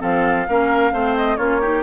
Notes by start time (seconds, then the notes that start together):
0.00 F3 C4 A4 F5
0.48 A#3 C#4 A#4
0.92 A3 C4 C5
1.17 D#5
1.36 A#3 C#4 F4 C#5
1.60 D#4 G4